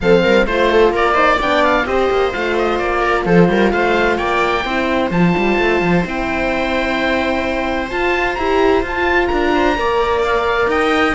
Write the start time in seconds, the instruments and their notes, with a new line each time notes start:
0.00 cello F3, horn C4, viola A4, oboe F5
0.23 cello G3, viola A#4
0.45 cello A3, horn F4, oboe C5, viola C5
0.69 viola A4
0.89 cello A#3, viola A#4
0.95 oboe D5
1.14 horn D#4, viola C5
1.37 cello B3, horn D4, viola D5, oboe G5
1.64 oboe F5
1.85 cello C4, horn G4, viola C5, oboe D#5
2.10 cello A#3
2.32 cello A3, horn F4, oboe F5
2.58 oboe D#5
2.78 cello A#3, oboe D5
3.01 viola A#4
3.25 cello F3, viola A4, oboe C5
3.49 cello G3, viola A#4
3.71 cello A3, viola C5, oboe F5
4.17 cello A#3, viola D5, oboe G5
4.65 cello C4, horn E4, viola C5
5.10 cello F3, horn F4, oboe A5
5.37 cello G3
5.58 cello A3
5.81 cello F3
6.04 cello C4, horn E4, oboe G5
7.90 horn F4, cello F4, oboe A5
8.34 cello E4, horn G4, oboe A#5
8.82 cello F4, horn F4, oboe A5
9.27 cello D4, viola A#4, oboe A#5
9.54 viola C5
9.75 cello A#3, horn A#4, viola D5
10.24 oboe F5
10.67 cello D#4, viola D#5, oboe G5